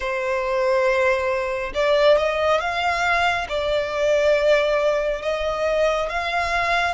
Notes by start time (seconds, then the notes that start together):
0.00 C5
1.74 D5
2.17 D#5
2.60 F5
3.49 D5
5.22 D#5
6.09 F5